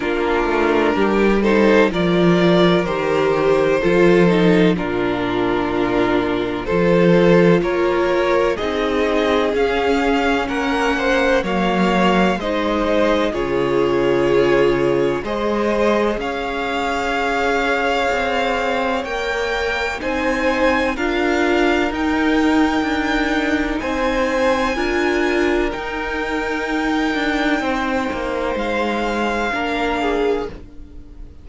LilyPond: <<
  \new Staff \with { instrumentName = "violin" } { \time 4/4 \tempo 4 = 63 ais'4. c''8 d''4 c''4~ | c''4 ais'2 c''4 | cis''4 dis''4 f''4 fis''4 | f''4 dis''4 cis''2 |
dis''4 f''2. | g''4 gis''4 f''4 g''4~ | g''4 gis''2 g''4~ | g''2 f''2 | }
  \new Staff \with { instrumentName = "violin" } { \time 4/4 f'4 g'8 a'8 ais'2 | a'4 f'2 a'4 | ais'4 gis'2 ais'8 c''8 | cis''4 c''4 gis'2 |
c''4 cis''2.~ | cis''4 c''4 ais'2~ | ais'4 c''4 ais'2~ | ais'4 c''2 ais'8 gis'8 | }
  \new Staff \with { instrumentName = "viola" } { \time 4/4 d'4. dis'8 f'4 g'4 | f'8 dis'8 d'2 f'4~ | f'4 dis'4 cis'2 | ais4 dis'4 f'2 |
gis'1 | ais'4 dis'4 f'4 dis'4~ | dis'2 f'4 dis'4~ | dis'2. d'4 | }
  \new Staff \with { instrumentName = "cello" } { \time 4/4 ais8 a8 g4 f4 dis4 | f4 ais,2 f4 | ais4 c'4 cis'4 ais4 | fis4 gis4 cis2 |
gis4 cis'2 c'4 | ais4 c'4 d'4 dis'4 | d'4 c'4 d'4 dis'4~ | dis'8 d'8 c'8 ais8 gis4 ais4 | }
>>